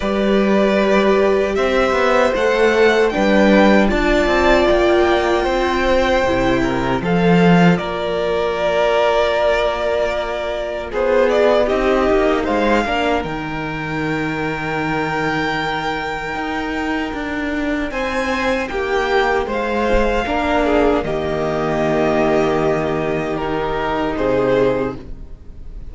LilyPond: <<
  \new Staff \with { instrumentName = "violin" } { \time 4/4 \tempo 4 = 77 d''2 e''4 fis''4 | g''4 a''4 g''2~ | g''4 f''4 d''2~ | d''2 c''8 d''8 dis''4 |
f''4 g''2.~ | g''2. gis''4 | g''4 f''2 dis''4~ | dis''2 ais'4 c''4 | }
  \new Staff \with { instrumentName = "violin" } { \time 4/4 b'2 c''2 | b'4 d''2 c''4~ | c''8 ais'8 a'4 ais'2~ | ais'2 gis'4 g'4 |
c''8 ais'2.~ ais'8~ | ais'2. c''4 | g'4 c''4 ais'8 gis'8 g'4~ | g'2. gis'4 | }
  \new Staff \with { instrumentName = "viola" } { \time 4/4 g'2. a'4 | d'4 f'2. | e'4 f'2.~ | f'2. dis'4~ |
dis'8 d'8 dis'2.~ | dis'1~ | dis'2 d'4 ais4~ | ais2 dis'2 | }
  \new Staff \with { instrumentName = "cello" } { \time 4/4 g2 c'8 b8 a4 | g4 d'8 c'8 ais4 c'4 | c4 f4 ais2~ | ais2 b4 c'8 ais8 |
gis8 ais8 dis2.~ | dis4 dis'4 d'4 c'4 | ais4 gis4 ais4 dis4~ | dis2. c4 | }
>>